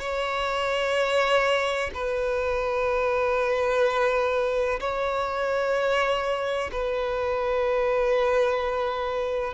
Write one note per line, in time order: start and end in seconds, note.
0.00 1.90 C#5
1.94 4.80 B4
4.80 6.70 C#5
6.72 9.53 B4